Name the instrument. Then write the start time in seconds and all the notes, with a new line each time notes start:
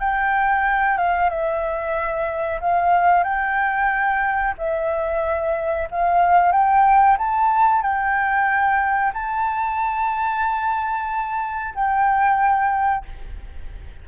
flute
0.00 G5
0.98 F5
1.30 E5
2.61 F5
3.24 G5
4.58 E5
5.91 F5
6.52 G5
7.18 A5
7.82 G5
9.14 A5
11.75 G5